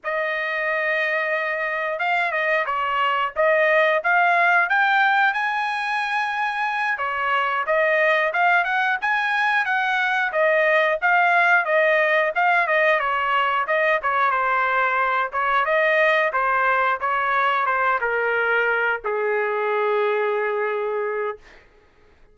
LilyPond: \new Staff \with { instrumentName = "trumpet" } { \time 4/4 \tempo 4 = 90 dis''2. f''8 dis''8 | cis''4 dis''4 f''4 g''4 | gis''2~ gis''8 cis''4 dis''8~ | dis''8 f''8 fis''8 gis''4 fis''4 dis''8~ |
dis''8 f''4 dis''4 f''8 dis''8 cis''8~ | cis''8 dis''8 cis''8 c''4. cis''8 dis''8~ | dis''8 c''4 cis''4 c''8 ais'4~ | ais'8 gis'2.~ gis'8 | }